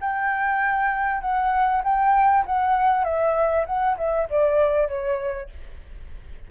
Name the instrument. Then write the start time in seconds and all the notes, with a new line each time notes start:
flute
0.00 G5
1.21 F#5
1.83 G5
2.45 F#5
3.04 E5
3.66 F#5
3.97 E5
4.29 D5
4.88 C#5